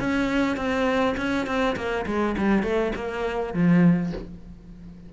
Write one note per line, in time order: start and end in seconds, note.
0.00 0.57 C#4
0.57 1.16 C4
1.17 1.47 C#4
1.47 1.76 C4
1.76 2.06 A#3
2.06 2.36 G#3
2.38 2.63 G3
2.63 2.93 A3
2.95 3.54 A#3
3.54 4.13 F3